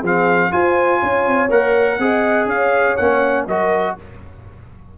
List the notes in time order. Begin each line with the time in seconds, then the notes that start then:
0.00 F3 C4 G#4
0.06 F5
0.52 F4 C5 G#5
1.00 C#4 C#5
1.27 C4
1.50 A#3 A#4 F#5
1.99 C4 G#4 D#5
2.46 C#4 C#5 F5
2.97 A#3 C#4 F#5
3.47 F#3 F#4 A#4 D#5